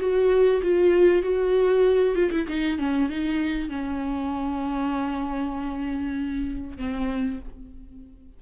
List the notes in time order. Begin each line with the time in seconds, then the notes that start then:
0.00 F#4
0.63 F4
1.23 F#4
2.16 F4
2.32 E4
2.48 D#4
2.79 C#4
3.10 D#4
3.69 C#4
6.78 C4